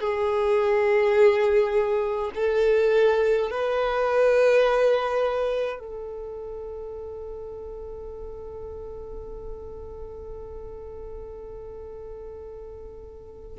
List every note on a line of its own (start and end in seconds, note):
0.00 2.31 G#4
2.34 3.50 A4
3.50 5.80 B4
5.80 13.58 A4